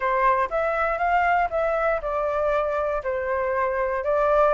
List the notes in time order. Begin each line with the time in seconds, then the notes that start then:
0.00 C5
0.50 E5
0.98 F5
1.50 E5
2.01 D5
3.03 C5
4.03 D5